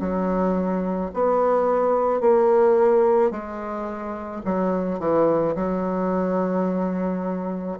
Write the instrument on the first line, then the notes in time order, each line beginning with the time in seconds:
bassoon
0.00 F#3
1.14 B3
2.20 A#3
3.31 G#3
4.45 F#3
4.99 E3
5.55 F#3